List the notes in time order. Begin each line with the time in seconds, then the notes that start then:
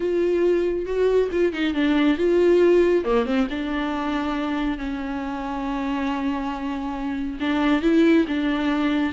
0.00 F4
0.85 F#4
1.31 F4
1.52 D#4
1.74 D4
2.17 F4
3.04 A#3
3.25 C4
3.50 D4
4.77 C#4
7.40 D4
7.82 E4
8.27 D4